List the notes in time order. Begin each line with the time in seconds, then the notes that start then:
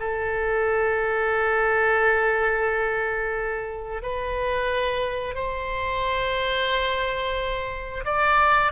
0.00 A4
4.03 B4
5.35 C5
8.05 D5